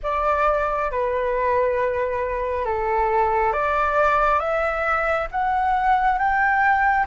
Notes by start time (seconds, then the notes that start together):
0.02 D5
0.91 B4
2.65 A4
3.53 D5
4.39 E5
5.31 F#5
6.18 G5